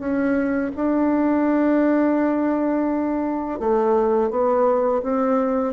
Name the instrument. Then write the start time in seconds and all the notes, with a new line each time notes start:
bassoon
0.00 C#4
0.76 D4
3.60 A3
4.31 B3
5.03 C4